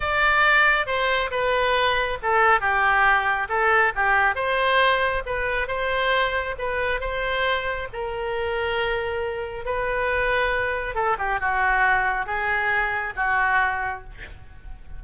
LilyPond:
\new Staff \with { instrumentName = "oboe" } { \time 4/4 \tempo 4 = 137 d''2 c''4 b'4~ | b'4 a'4 g'2 | a'4 g'4 c''2 | b'4 c''2 b'4 |
c''2 ais'2~ | ais'2 b'2~ | b'4 a'8 g'8 fis'2 | gis'2 fis'2 | }